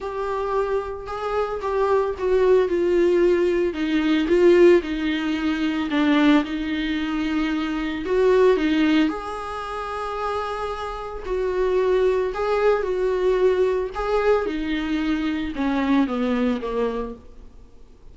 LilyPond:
\new Staff \with { instrumentName = "viola" } { \time 4/4 \tempo 4 = 112 g'2 gis'4 g'4 | fis'4 f'2 dis'4 | f'4 dis'2 d'4 | dis'2. fis'4 |
dis'4 gis'2.~ | gis'4 fis'2 gis'4 | fis'2 gis'4 dis'4~ | dis'4 cis'4 b4 ais4 | }